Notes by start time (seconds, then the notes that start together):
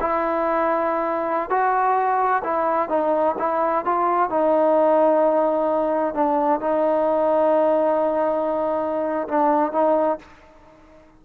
0.00 E4
1.49 F#4
2.44 E4
2.89 D#4
3.38 E4
3.85 F4
4.29 D#4
6.14 D4
6.60 D#4
9.28 D4
9.72 D#4